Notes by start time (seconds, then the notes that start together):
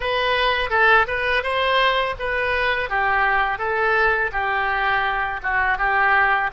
0.00 B4
0.70 A4
1.07 B4
1.43 C5
2.19 B4
2.89 G4
3.58 A4
4.31 G4
5.42 F#4
5.78 G4